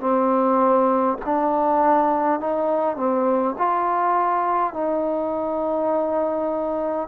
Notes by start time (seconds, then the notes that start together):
0.00 C4
1.25 D4
2.40 D#4
2.96 C4
3.58 F4
4.73 D#4